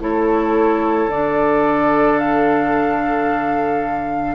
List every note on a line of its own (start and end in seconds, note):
0.00 1.07 A3
0.00 1.09 E4
0.00 4.36 A4
0.00 1.11 C#5
1.07 4.35 D3
1.07 4.36 D4
1.07 2.19 D5
2.19 4.36 F5